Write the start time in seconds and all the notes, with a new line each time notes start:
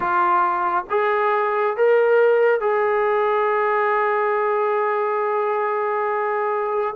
0.00 F4
0.89 G#4
1.76 A#4
2.60 G#4